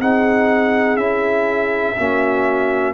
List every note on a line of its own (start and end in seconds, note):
0.00 0.97 C4
0.00 0.98 D#4
0.00 1.97 G#4
0.00 0.97 F#5
0.97 1.95 C#4
0.97 1.97 E4
0.97 2.93 E5
1.98 2.94 A#3
1.98 2.94 C#4
1.98 2.94 F#4